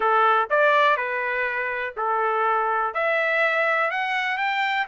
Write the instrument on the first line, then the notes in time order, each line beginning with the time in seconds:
trumpet
0.00 A4
0.50 D5
0.96 B4
1.96 A4
2.94 E5
3.90 F#5
4.37 G5